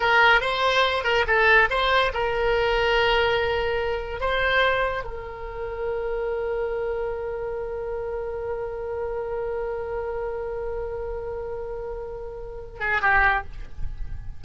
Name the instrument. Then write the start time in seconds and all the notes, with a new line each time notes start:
oboe
0.00 A#4
0.40 C5
1.04 A#4
1.27 A4
1.70 C5
2.13 A#4
4.20 C5
5.04 A#4
12.80 G#4
13.01 G4